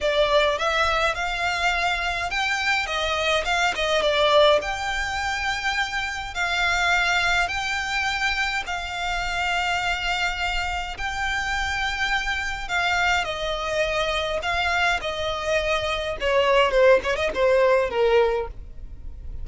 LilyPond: \new Staff \with { instrumentName = "violin" } { \time 4/4 \tempo 4 = 104 d''4 e''4 f''2 | g''4 dis''4 f''8 dis''8 d''4 | g''2. f''4~ | f''4 g''2 f''4~ |
f''2. g''4~ | g''2 f''4 dis''4~ | dis''4 f''4 dis''2 | cis''4 c''8 cis''16 dis''16 c''4 ais'4 | }